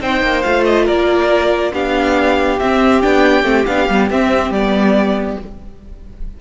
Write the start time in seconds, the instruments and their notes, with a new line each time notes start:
0.00 cello C4, viola D#4, violin C5 G5
0.21 cello A#3
0.42 cello A3, viola F4, violin F5
0.64 violin D#5
0.85 cello A#3, violin A#4 D5
1.72 cello B3, viola D4, violin G4 F5
2.59 cello C4, viola C4, violin E5
3.02 cello B3, viola D4, violin G5
3.43 cello A3, viola C4
3.65 cello B3, viola D4, violin F5
3.88 cello G3, viola B3
4.10 cello C4, viola C4, violin E5
4.50 cello G3, viola B3, violin D5